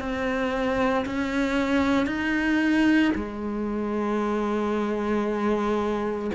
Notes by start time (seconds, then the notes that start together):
0.00 C4
1.05 C#4
2.07 D#4
3.15 G#3